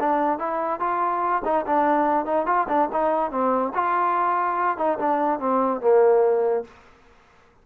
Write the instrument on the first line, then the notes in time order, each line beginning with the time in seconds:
trombone
0.00 D4
0.39 E4
0.80 F4
1.45 D#4
1.66 D4
2.26 D#4
2.47 F4
2.69 D4
2.93 D#4
3.31 C4
3.74 F4
4.78 D#4
4.99 D4
5.40 C4
5.81 A#3